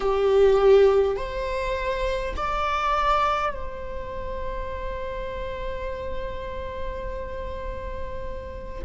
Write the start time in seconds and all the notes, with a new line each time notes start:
0.00 G4
1.16 C5
2.36 D5
3.53 C5